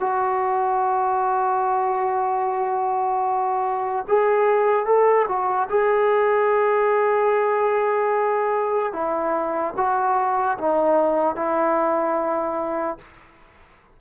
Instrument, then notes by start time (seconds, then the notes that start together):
trombone
0.00 F#4
4.08 G#4
4.86 A4
5.28 F#4
5.70 G#4
8.93 E4
9.77 F#4
10.58 D#4
11.36 E4